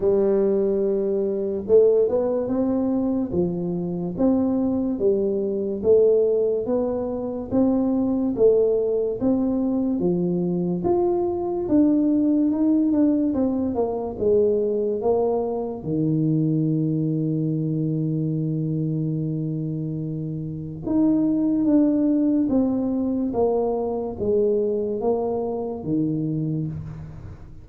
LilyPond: \new Staff \with { instrumentName = "tuba" } { \time 4/4 \tempo 4 = 72 g2 a8 b8 c'4 | f4 c'4 g4 a4 | b4 c'4 a4 c'4 | f4 f'4 d'4 dis'8 d'8 |
c'8 ais8 gis4 ais4 dis4~ | dis1~ | dis4 dis'4 d'4 c'4 | ais4 gis4 ais4 dis4 | }